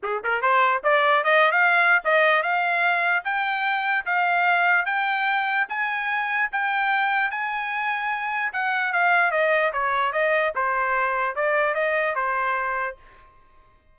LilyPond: \new Staff \with { instrumentName = "trumpet" } { \time 4/4 \tempo 4 = 148 gis'8 ais'8 c''4 d''4 dis''8. f''16~ | f''4 dis''4 f''2 | g''2 f''2 | g''2 gis''2 |
g''2 gis''2~ | gis''4 fis''4 f''4 dis''4 | cis''4 dis''4 c''2 | d''4 dis''4 c''2 | }